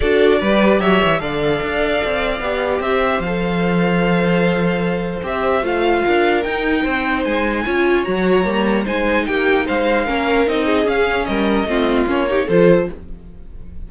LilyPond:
<<
  \new Staff \with { instrumentName = "violin" } { \time 4/4 \tempo 4 = 149 d''2 e''4 f''4~ | f''2. e''4 | f''1~ | f''4 e''4 f''2 |
g''2 gis''2 | ais''2 gis''4 g''4 | f''2 dis''4 f''4 | dis''2 cis''4 c''4 | }
  \new Staff \with { instrumentName = "violin" } { \time 4/4 a'4 b'4 cis''4 d''4~ | d''2. c''4~ | c''1~ | c''2. ais'4~ |
ais'4 c''2 cis''4~ | cis''2 c''4 g'4 | c''4 ais'4. gis'4. | ais'4 f'4. g'8 a'4 | }
  \new Staff \with { instrumentName = "viola" } { \time 4/4 fis'4 g'2 a'4~ | a'2 g'2 | a'1~ | a'4 g'4 f'2 |
dis'2. f'4 | fis'4 ais4 dis'2~ | dis'4 cis'4 dis'4 cis'4~ | cis'4 c'4 cis'8 dis'8 f'4 | }
  \new Staff \with { instrumentName = "cello" } { \time 4/4 d'4 g4 fis8 e8 d4 | d'4 c'4 b4 c'4 | f1~ | f4 c'4 a4 d'4 |
dis'4 c'4 gis4 cis'4 | fis4 g4 gis4 ais4 | gis4 ais4 c'4 cis'4 | g4 a4 ais4 f4 | }
>>